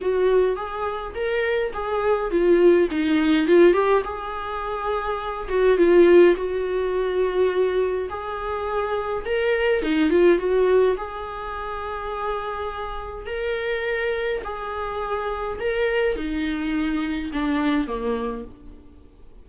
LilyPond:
\new Staff \with { instrumentName = "viola" } { \time 4/4 \tempo 4 = 104 fis'4 gis'4 ais'4 gis'4 | f'4 dis'4 f'8 g'8 gis'4~ | gis'4. fis'8 f'4 fis'4~ | fis'2 gis'2 |
ais'4 dis'8 f'8 fis'4 gis'4~ | gis'2. ais'4~ | ais'4 gis'2 ais'4 | dis'2 d'4 ais4 | }